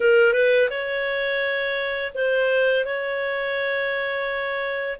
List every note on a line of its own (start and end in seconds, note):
0.00 0.33 A#4
0.33 0.69 B4
0.69 2.12 C#5
2.14 2.85 C5
2.85 4.99 C#5